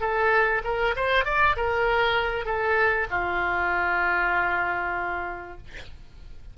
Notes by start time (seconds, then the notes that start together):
0.00 A4
0.64 A#4
0.96 C5
1.25 D5
1.56 A#4
2.45 A4
3.10 F4